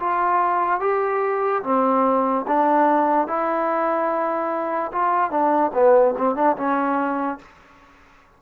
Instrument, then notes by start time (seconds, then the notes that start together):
trombone
0.00 F4
0.80 G4
1.63 C4
2.47 D4
3.27 E4
4.92 F4
5.31 D4
5.74 B3
6.18 C4
6.36 D4
6.57 C#4